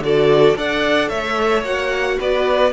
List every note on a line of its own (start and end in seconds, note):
0.00 0.54 D3
0.00 0.56 F#4
0.00 0.58 A4
0.00 0.58 D5
0.56 1.11 D4
0.56 1.64 A4
0.56 1.09 D5
0.56 1.09 F#5
1.09 1.63 A3
1.09 2.17 C#5
1.09 1.63 E5
1.63 2.17 A#3
1.63 2.73 F#4
1.63 2.19 F#5
2.19 2.73 B3
2.19 2.73 B4
2.19 2.73 D5